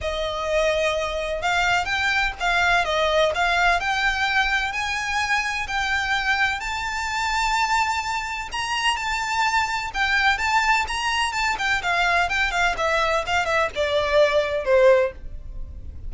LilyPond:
\new Staff \with { instrumentName = "violin" } { \time 4/4 \tempo 4 = 127 dis''2. f''4 | g''4 f''4 dis''4 f''4 | g''2 gis''2 | g''2 a''2~ |
a''2 ais''4 a''4~ | a''4 g''4 a''4 ais''4 | a''8 g''8 f''4 g''8 f''8 e''4 | f''8 e''8 d''2 c''4 | }